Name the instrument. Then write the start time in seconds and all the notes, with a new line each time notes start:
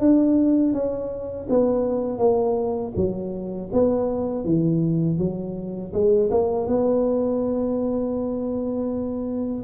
tuba
0.00 D4
0.73 C#4
1.50 B3
2.19 A#3
2.96 F#3
3.73 B3
4.44 E3
5.19 F#3
5.93 G#3
6.31 A#3
6.67 B3